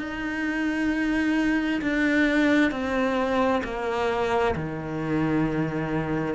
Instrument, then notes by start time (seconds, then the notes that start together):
cello
0.00 D#4
1.82 D4
2.71 C4
3.64 A#3
4.56 D#3